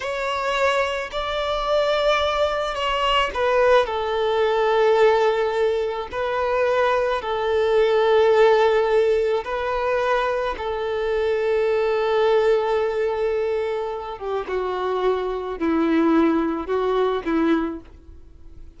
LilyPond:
\new Staff \with { instrumentName = "violin" } { \time 4/4 \tempo 4 = 108 cis''2 d''2~ | d''4 cis''4 b'4 a'4~ | a'2. b'4~ | b'4 a'2.~ |
a'4 b'2 a'4~ | a'1~ | a'4. g'8 fis'2 | e'2 fis'4 e'4 | }